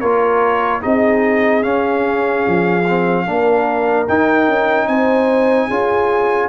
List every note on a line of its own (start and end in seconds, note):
0.00 0.83 A#3
0.00 0.81 F4
0.00 0.81 A#4
0.00 0.81 C#5
0.81 1.65 C4
0.81 1.62 D#4
0.81 3.26 G#4
0.81 1.63 D#5
1.62 2.83 C#4
1.62 2.46 C#4
1.62 4.06 F5
2.47 3.27 F3
2.88 3.26 C4
3.26 4.08 A#3
3.26 4.07 D4
3.26 4.88 A#4
4.08 4.47 D#4
4.08 5.70 D#4
4.08 4.87 G5
4.47 4.87 C#4
4.87 5.68 C4
4.87 5.67 C5
4.87 6.48 G#5
5.67 6.48 C#4
5.67 6.48 F4
5.67 6.48 G#4